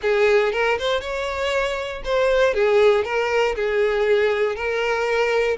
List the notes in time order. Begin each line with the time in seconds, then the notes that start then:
0.02 G#4
0.52 A#4
0.78 C5
1.00 C#5
2.04 C5
2.54 G#4
3.04 A#4
3.55 G#4
4.55 A#4